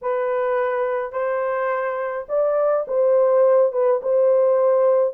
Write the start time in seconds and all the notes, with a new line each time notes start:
0.01 B4
1.12 C5
2.28 D5
2.87 C5
3.72 B4
4.02 C5